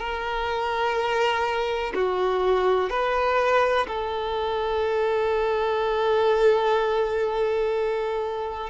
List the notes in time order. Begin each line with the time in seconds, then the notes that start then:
0.00 A#4
1.95 F#4
2.90 B4
3.88 A4